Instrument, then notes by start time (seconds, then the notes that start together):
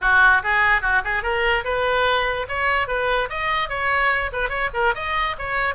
oboe
0.01 F#4
0.43 G#4
0.81 F#4
1.04 G#4
1.22 A#4
1.64 B4
2.48 C#5
2.87 B4
3.29 D#5
3.69 C#5
4.32 B4
4.49 C#5
4.73 A#4
4.94 D#5
5.38 C#5